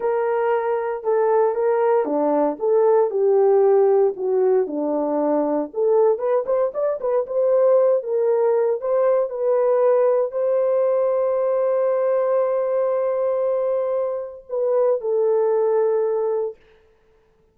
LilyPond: \new Staff \with { instrumentName = "horn" } { \time 4/4 \tempo 4 = 116 ais'2 a'4 ais'4 | d'4 a'4 g'2 | fis'4 d'2 a'4 | b'8 c''8 d''8 b'8 c''4. ais'8~ |
ais'4 c''4 b'2 | c''1~ | c''1 | b'4 a'2. | }